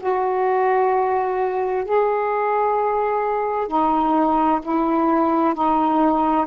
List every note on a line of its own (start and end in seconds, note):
0.00 1.85 F#4
1.85 3.68 G#4
3.68 4.60 D#4
4.62 5.54 E4
5.54 6.46 D#4